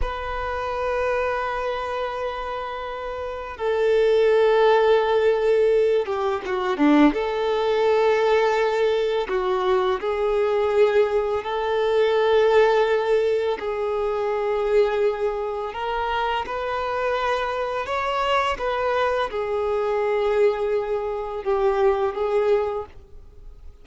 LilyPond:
\new Staff \with { instrumentName = "violin" } { \time 4/4 \tempo 4 = 84 b'1~ | b'4 a'2.~ | a'8 g'8 fis'8 d'8 a'2~ | a'4 fis'4 gis'2 |
a'2. gis'4~ | gis'2 ais'4 b'4~ | b'4 cis''4 b'4 gis'4~ | gis'2 g'4 gis'4 | }